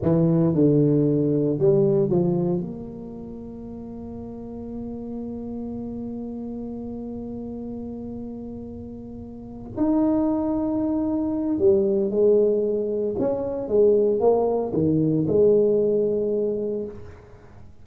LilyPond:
\new Staff \with { instrumentName = "tuba" } { \time 4/4 \tempo 4 = 114 e4 d2 g4 | f4 ais2.~ | ais1~ | ais1~ |
ais2~ ais8 dis'4.~ | dis'2 g4 gis4~ | gis4 cis'4 gis4 ais4 | dis4 gis2. | }